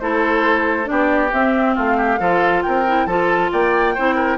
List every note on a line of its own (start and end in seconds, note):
0.00 0.89 A3
0.00 0.85 E4
0.00 0.90 A4
0.00 0.87 C5
0.85 1.33 B3
0.85 1.29 D4
0.85 1.75 G4
0.85 1.31 D5
1.32 1.77 C4
1.32 2.19 C4
1.32 1.76 E5
1.75 2.19 A3
1.75 1.97 F4
1.75 2.63 F5
1.97 2.19 G4
2.19 2.63 F3
2.19 2.85 F4
2.19 2.64 A4
2.63 3.06 C4
2.63 3.07 A#4
2.63 3.07 G5
2.87 3.09 E4
3.06 3.50 F3
3.06 3.97 F4
3.06 3.51 A4
3.06 3.50 A5
3.52 3.97 A#3
3.52 3.95 D5
3.52 4.39 G5
3.95 4.39 C4
3.95 4.39 E4
3.95 4.16 C5
4.16 4.37 A#4